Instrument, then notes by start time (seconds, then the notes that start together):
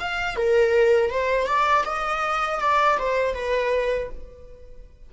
viola
0.00 F5
0.36 A#4
1.11 C5
1.47 D5
1.85 D#5
2.60 D5
2.99 C5
3.35 B4